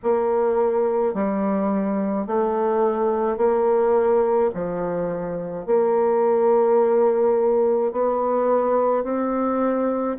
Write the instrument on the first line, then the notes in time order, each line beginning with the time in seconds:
bassoon
0.03 A#3
1.13 G3
2.26 A3
3.37 A#3
4.54 F3
5.66 A#3
7.92 B3
9.03 C4